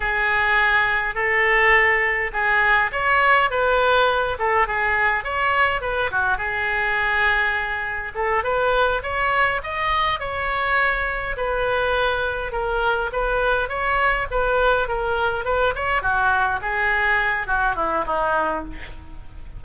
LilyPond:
\new Staff \with { instrumentName = "oboe" } { \time 4/4 \tempo 4 = 103 gis'2 a'2 | gis'4 cis''4 b'4. a'8 | gis'4 cis''4 b'8 fis'8 gis'4~ | gis'2 a'8 b'4 cis''8~ |
cis''8 dis''4 cis''2 b'8~ | b'4. ais'4 b'4 cis''8~ | cis''8 b'4 ais'4 b'8 cis''8 fis'8~ | fis'8 gis'4. fis'8 e'8 dis'4 | }